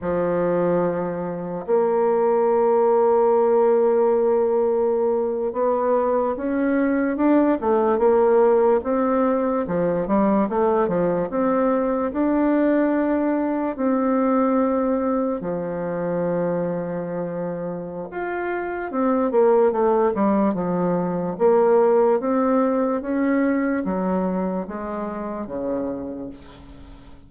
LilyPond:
\new Staff \with { instrumentName = "bassoon" } { \time 4/4 \tempo 4 = 73 f2 ais2~ | ais2~ ais8. b4 cis'16~ | cis'8. d'8 a8 ais4 c'4 f16~ | f16 g8 a8 f8 c'4 d'4~ d'16~ |
d'8. c'2 f4~ f16~ | f2 f'4 c'8 ais8 | a8 g8 f4 ais4 c'4 | cis'4 fis4 gis4 cis4 | }